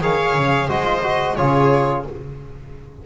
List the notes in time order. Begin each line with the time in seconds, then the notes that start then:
0.00 D#3 G#4 C#5 F5
0.33 C#3
0.67 G#3 F#4 C5 D#5
0.84 F4
1.03 F#4
1.36 C#3 F4 G#4 C#5